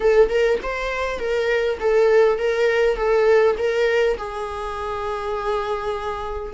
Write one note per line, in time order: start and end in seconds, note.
0.00 0.29 A4
0.29 0.59 A#4
0.62 1.19 C5
1.19 1.78 A#4
1.80 2.38 A4
2.38 2.96 A#4
2.96 3.55 A4
3.58 4.17 A#4
4.17 6.53 G#4